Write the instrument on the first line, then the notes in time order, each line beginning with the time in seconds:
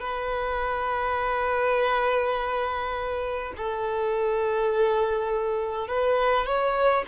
violin
0.00 B4
3.57 A4
5.88 B4
6.46 C#5